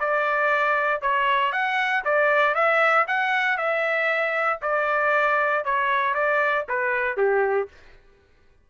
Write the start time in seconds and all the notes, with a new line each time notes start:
0.00 D5
1.02 C#5
1.53 F#5
2.05 D5
2.55 E5
3.08 F#5
3.58 E5
4.62 D5
5.65 C#5
6.15 D5
6.69 B4
7.17 G4